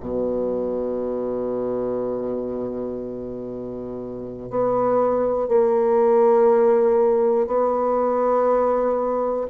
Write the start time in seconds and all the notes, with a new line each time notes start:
0.00 B2
4.50 B3
5.48 A#3
7.47 B3